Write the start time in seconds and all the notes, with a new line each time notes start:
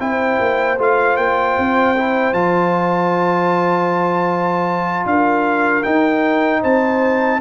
0.00 C4 E4 C5 G5
0.41 A#3
0.79 A3 F4 F5
1.17 A#3 G5
1.59 C4
1.97 E4
2.33 F3 F4 A5
5.06 D4 A#4 F5
5.83 D#4 G5
6.62 C4 C5 A5